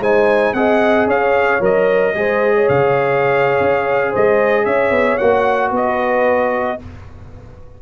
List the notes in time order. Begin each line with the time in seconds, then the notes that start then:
0.00 G#3 D#4 C5 G#5
0.54 C4 G#4 D#5 F#5
1.07 C#4 C#5 F5
1.61 F#3 A#4 D#5
2.15 G#3 G#4 C5
2.55 C#5
2.69 C#3 F5
3.61 C#4
4.11 G#3 C5 D#5
4.66 C#4 C#5 E5
4.90 B3
5.18 A#3 F#4 F#5
5.71 B3 B4 D#5